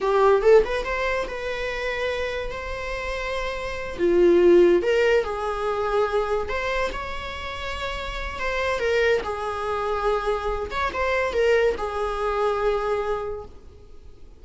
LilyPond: \new Staff \with { instrumentName = "viola" } { \time 4/4 \tempo 4 = 143 g'4 a'8 b'8 c''4 b'4~ | b'2 c''2~ | c''4. f'2 ais'8~ | ais'8 gis'2. c''8~ |
c''8 cis''2.~ cis''8 | c''4 ais'4 gis'2~ | gis'4. cis''8 c''4 ais'4 | gis'1 | }